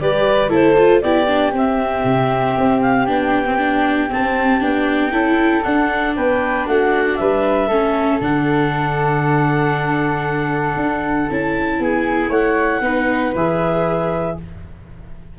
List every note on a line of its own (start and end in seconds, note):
0.00 0.51 G3
0.00 0.49 G4
0.00 0.49 B4
0.00 0.51 D5
0.49 1.03 A3
0.49 0.75 E4
0.49 1.01 A4
0.49 1.01 C5
0.77 1.03 F4
1.01 1.52 B3
1.01 1.27 E4
1.01 5.12 G4
1.01 1.53 D5
1.27 1.53 D4
1.52 2.04 C4
1.52 3.07 C4
1.52 2.81 E5
2.04 2.55 C3
2.57 3.08 C4
2.81 3.06 F5
3.07 4.11 B3
3.07 3.45 D4
3.07 4.12 G5
3.46 3.58 C4
3.58 4.09 D4
4.09 4.60 C4
4.09 4.62 C4
4.09 4.63 A5
4.60 5.12 B3
4.60 5.11 D4
4.60 5.63 G5
5.11 5.63 C#4
5.11 5.63 E4
5.11 6.15 A4
5.63 7.69 D4
5.63 6.17 D4
5.63 6.15 F#5
6.15 6.67 B3
6.15 6.67 B4
6.15 6.67 G5
6.67 7.18 A3
6.67 7.18 F#4
6.67 7.16 F#5
7.16 7.68 G3
7.16 7.67 B4
7.16 8.19 E5
7.67 8.20 A3
7.67 8.21 C#4
7.67 11.77 A4
8.20 10.76 D3
8.20 11.28 D4
8.20 11.30 F#5
10.76 11.27 D4
11.30 11.79 C#4
11.30 12.82 E4
11.30 11.82 A5
11.79 12.29 B3
11.79 12.29 G#4
11.79 12.32 G#5
12.29 12.80 A3
12.29 12.81 C#5
12.29 13.34 F#5
12.81 13.32 B3
12.81 13.33 D#4
12.81 14.37 B4
13.35 14.37 E3
13.35 14.39 G#4
13.35 14.37 E5